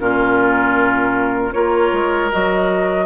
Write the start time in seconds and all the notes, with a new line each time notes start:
0.00 A#2 C#4 F4 A#4
1.53 A#3 F4 A#4 C#5
1.93 G#3
2.31 F#3 F#4 D#5